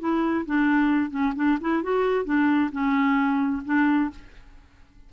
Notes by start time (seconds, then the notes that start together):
0.00 E4
0.46 D4
1.11 C#4
1.36 D4
1.61 E4
1.83 F#4
2.25 D4
2.72 C#4
3.65 D4